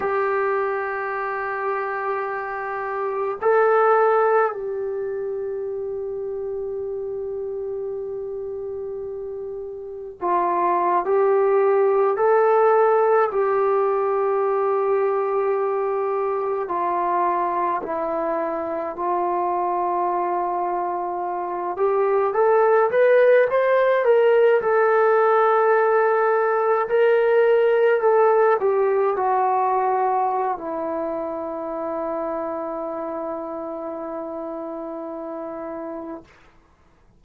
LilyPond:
\new Staff \with { instrumentName = "trombone" } { \time 4/4 \tempo 4 = 53 g'2. a'4 | g'1~ | g'4 f'8. g'4 a'4 g'16~ | g'2~ g'8. f'4 e'16~ |
e'8. f'2~ f'8 g'8 a'16~ | a'16 b'8 c''8 ais'8 a'2 ais'16~ | ais'8. a'8 g'8 fis'4~ fis'16 e'4~ | e'1 | }